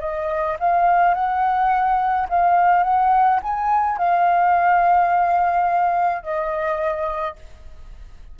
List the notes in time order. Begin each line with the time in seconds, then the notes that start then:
0.00 D#5
0.59 F5
1.14 F#5
2.29 F5
2.83 F#5
3.43 G#5
3.98 F5
6.23 D#5